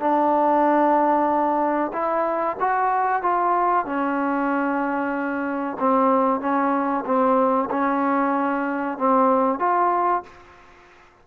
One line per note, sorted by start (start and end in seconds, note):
0.00 1.91 D4
1.92 2.56 E4
2.60 3.22 F#4
3.22 3.85 F4
3.85 5.77 C#4
5.80 6.40 C4
6.40 7.04 C#4
7.05 7.69 C4
7.70 8.98 C#4
8.98 9.59 C4
9.59 10.23 F4